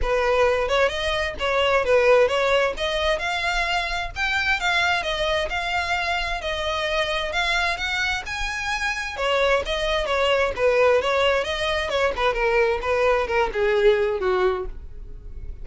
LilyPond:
\new Staff \with { instrumentName = "violin" } { \time 4/4 \tempo 4 = 131 b'4. cis''8 dis''4 cis''4 | b'4 cis''4 dis''4 f''4~ | f''4 g''4 f''4 dis''4 | f''2 dis''2 |
f''4 fis''4 gis''2 | cis''4 dis''4 cis''4 b'4 | cis''4 dis''4 cis''8 b'8 ais'4 | b'4 ais'8 gis'4. fis'4 | }